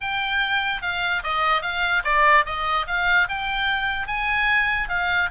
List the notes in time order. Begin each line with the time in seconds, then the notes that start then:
0.01 G5
0.82 F5
1.23 D#5
1.61 F5
2.04 D5
2.45 D#5
2.87 F5
3.28 G5
4.07 G#5
4.88 F5